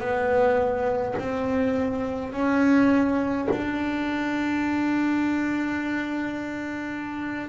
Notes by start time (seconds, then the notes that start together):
0.00 B3
1.19 C4
2.33 C#4
3.51 D4